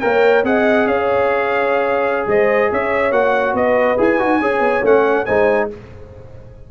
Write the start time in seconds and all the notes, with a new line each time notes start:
0.00 A#3 A#4 C#5 G5
0.43 C4 G#4 D#5 F#5
0.86 C#4 C#5 F5
2.26 G#3 C5 D#5
2.70 C#4 C#5 E5
3.11 A#3 F#4 F#5
3.53 B3 B4 D#5
3.97 E4 G#4 G#5
4.18 D#4 F#4
4.40 C#4 G#4 C#5
4.59 B3
4.83 A3 C#4 F#5
5.25 G#3 D#4 C5 G#5